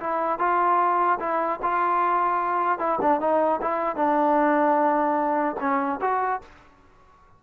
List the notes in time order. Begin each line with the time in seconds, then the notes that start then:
0.00 E4
0.39 F4
1.20 E4
1.63 F4
2.79 E4
3.01 D4
3.21 D#4
3.62 E4
3.96 D4
5.60 C#4
6.01 F#4